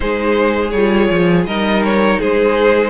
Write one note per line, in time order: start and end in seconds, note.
0.00 0.72 G#3
0.00 0.71 D#4
0.00 1.48 G#4
0.00 0.70 C5
0.70 1.09 G3
0.70 1.47 F4
0.70 1.44 C#5
1.10 1.45 F3
1.45 2.19 G3
1.45 2.90 D#4
1.45 2.19 A#4
1.45 1.83 D#5
1.84 2.20 C#5
2.19 2.90 G#3
2.19 2.90 G#4
2.19 2.90 C5